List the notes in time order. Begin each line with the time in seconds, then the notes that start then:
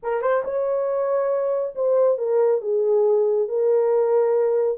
0.02 A#4
0.21 C5
0.44 C#5
1.75 C5
2.18 A#4
2.61 G#4
3.48 A#4